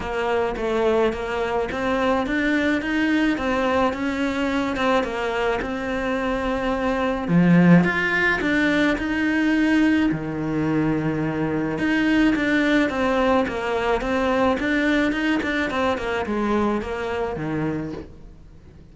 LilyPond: \new Staff \with { instrumentName = "cello" } { \time 4/4 \tempo 4 = 107 ais4 a4 ais4 c'4 | d'4 dis'4 c'4 cis'4~ | cis'8 c'8 ais4 c'2~ | c'4 f4 f'4 d'4 |
dis'2 dis2~ | dis4 dis'4 d'4 c'4 | ais4 c'4 d'4 dis'8 d'8 | c'8 ais8 gis4 ais4 dis4 | }